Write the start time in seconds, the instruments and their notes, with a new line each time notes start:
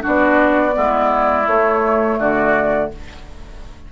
0.00 clarinet D4, oboe F#4
0.06 bassoon B3, flute D5
0.72 bassoon G#3, clarinet B3, oboe E4
1.46 bassoon A3, clarinet A3, flute C#5
2.18 bassoon D3, oboe F#4, flute D5